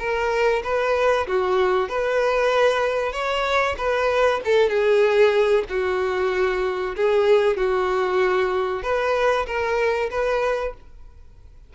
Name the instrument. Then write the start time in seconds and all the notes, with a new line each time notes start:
violin
0.00 A#4
0.64 B4
1.27 F#4
1.89 B4
3.13 C#5
3.78 B4
4.45 A4
4.70 G#4
5.70 F#4
6.96 G#4
7.57 F#4
8.83 B4
9.47 A#4
10.11 B4